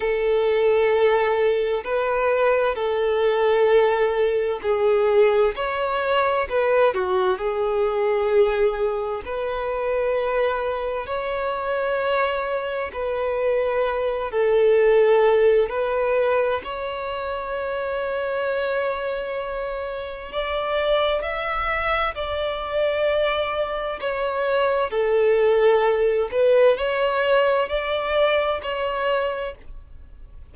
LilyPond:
\new Staff \with { instrumentName = "violin" } { \time 4/4 \tempo 4 = 65 a'2 b'4 a'4~ | a'4 gis'4 cis''4 b'8 fis'8 | gis'2 b'2 | cis''2 b'4. a'8~ |
a'4 b'4 cis''2~ | cis''2 d''4 e''4 | d''2 cis''4 a'4~ | a'8 b'8 cis''4 d''4 cis''4 | }